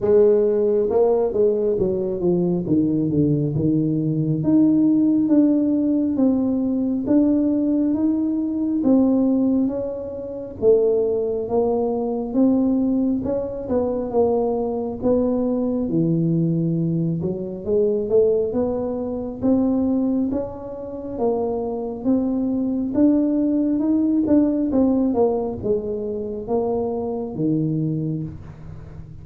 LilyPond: \new Staff \with { instrumentName = "tuba" } { \time 4/4 \tempo 4 = 68 gis4 ais8 gis8 fis8 f8 dis8 d8 | dis4 dis'4 d'4 c'4 | d'4 dis'4 c'4 cis'4 | a4 ais4 c'4 cis'8 b8 |
ais4 b4 e4. fis8 | gis8 a8 b4 c'4 cis'4 | ais4 c'4 d'4 dis'8 d'8 | c'8 ais8 gis4 ais4 dis4 | }